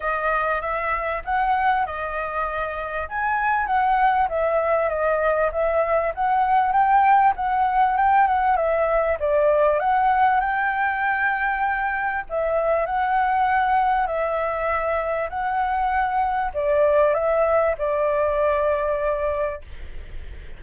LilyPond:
\new Staff \with { instrumentName = "flute" } { \time 4/4 \tempo 4 = 98 dis''4 e''4 fis''4 dis''4~ | dis''4 gis''4 fis''4 e''4 | dis''4 e''4 fis''4 g''4 | fis''4 g''8 fis''8 e''4 d''4 |
fis''4 g''2. | e''4 fis''2 e''4~ | e''4 fis''2 d''4 | e''4 d''2. | }